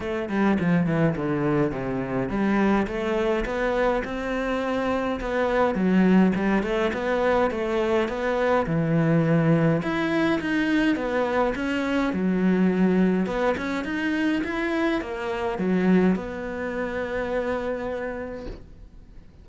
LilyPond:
\new Staff \with { instrumentName = "cello" } { \time 4/4 \tempo 4 = 104 a8 g8 f8 e8 d4 c4 | g4 a4 b4 c'4~ | c'4 b4 fis4 g8 a8 | b4 a4 b4 e4~ |
e4 e'4 dis'4 b4 | cis'4 fis2 b8 cis'8 | dis'4 e'4 ais4 fis4 | b1 | }